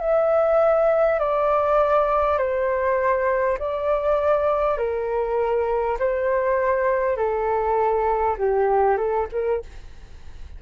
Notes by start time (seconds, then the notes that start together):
0.00 E5
1.19 D5
2.38 C5
3.58 D5
4.77 A#4
5.99 C5
7.17 A4
8.38 G4
8.97 A4
9.32 A#4